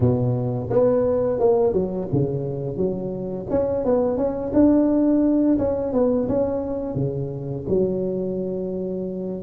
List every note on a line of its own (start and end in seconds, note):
0.00 0.69 B2
0.70 1.39 B3
1.39 1.73 A#3
1.73 2.07 F#3
2.12 2.76 C#3
2.76 3.46 F#3
3.49 3.84 C#4
3.84 4.17 B3
4.17 4.52 C#4
4.53 5.58 D4
5.58 5.93 C#4
5.93 6.28 B3
6.28 6.95 C#4
6.95 7.64 C#3
7.68 9.42 F#3